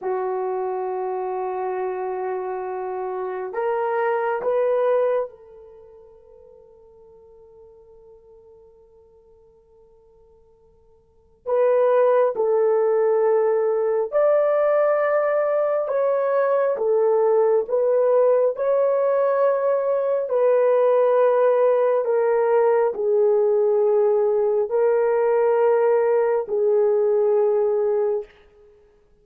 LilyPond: \new Staff \with { instrumentName = "horn" } { \time 4/4 \tempo 4 = 68 fis'1 | ais'4 b'4 a'2~ | a'1~ | a'4 b'4 a'2 |
d''2 cis''4 a'4 | b'4 cis''2 b'4~ | b'4 ais'4 gis'2 | ais'2 gis'2 | }